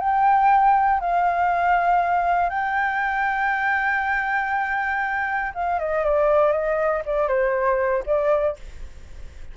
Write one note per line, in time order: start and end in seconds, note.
0.00 1.01 G5
1.01 2.50 F5
2.50 5.53 G5
5.55 5.80 F5
5.80 6.05 D#5
6.05 6.52 D5
6.52 7.03 D#5
7.06 7.29 D5
7.29 8.04 C5
8.06 8.57 D5